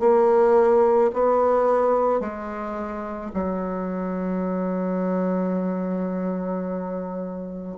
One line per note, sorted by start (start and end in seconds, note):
0.00 1.11 A#3
1.14 2.20 B3
2.20 3.31 G#3
3.34 7.78 F#3